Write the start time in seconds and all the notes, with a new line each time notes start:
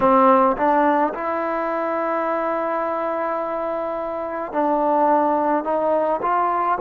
0.00 C4
0.57 D4
1.13 E4
4.52 D4
5.63 D#4
6.22 F4